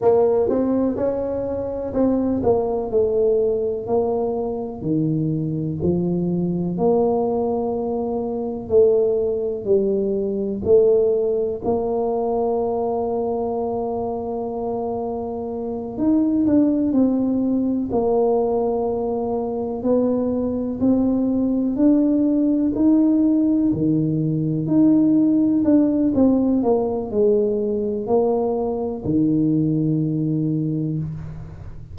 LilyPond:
\new Staff \with { instrumentName = "tuba" } { \time 4/4 \tempo 4 = 62 ais8 c'8 cis'4 c'8 ais8 a4 | ais4 dis4 f4 ais4~ | ais4 a4 g4 a4 | ais1~ |
ais8 dis'8 d'8 c'4 ais4.~ | ais8 b4 c'4 d'4 dis'8~ | dis'8 dis4 dis'4 d'8 c'8 ais8 | gis4 ais4 dis2 | }